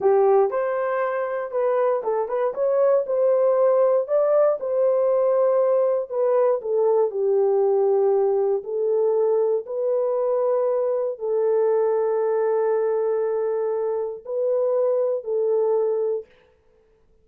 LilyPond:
\new Staff \with { instrumentName = "horn" } { \time 4/4 \tempo 4 = 118 g'4 c''2 b'4 | a'8 b'8 cis''4 c''2 | d''4 c''2. | b'4 a'4 g'2~ |
g'4 a'2 b'4~ | b'2 a'2~ | a'1 | b'2 a'2 | }